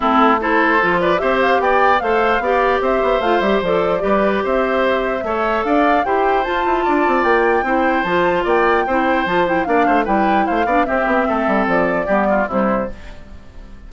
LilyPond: <<
  \new Staff \with { instrumentName = "flute" } { \time 4/4 \tempo 4 = 149 a'4 c''4. d''8 e''8 f''8 | g''4 f''2 e''4 | f''8 e''8 d''2 e''4~ | e''2 f''4 g''4 |
a''2 g''2 | a''4 g''2 a''8 g''8 | f''4 g''4 f''4 e''4~ | e''4 d''2 c''4 | }
  \new Staff \with { instrumentName = "oboe" } { \time 4/4 e'4 a'4. b'8 c''4 | d''4 c''4 d''4 c''4~ | c''2 b'4 c''4~ | c''4 cis''4 d''4 c''4~ |
c''4 d''2 c''4~ | c''4 d''4 c''2 | d''8 c''8 b'4 c''8 d''8 g'4 | a'2 g'8 f'8 e'4 | }
  \new Staff \with { instrumentName = "clarinet" } { \time 4/4 c'4 e'4 f'4 g'4~ | g'4 a'4 g'2 | f'8 g'8 a'4 g'2~ | g'4 a'2 g'4 |
f'2. e'4 | f'2 e'4 f'8 e'8 | d'4 e'4. d'8 c'4~ | c'2 b4 g4 | }
  \new Staff \with { instrumentName = "bassoon" } { \time 4/4 a2 f4 c'4 | b4 a4 b4 c'8 b8 | a8 g8 f4 g4 c'4~ | c'4 a4 d'4 e'4 |
f'8 e'8 d'8 c'8 ais4 c'4 | f4 ais4 c'4 f4 | ais8 a8 g4 a8 b8 c'8 b8 | a8 g8 f4 g4 c4 | }
>>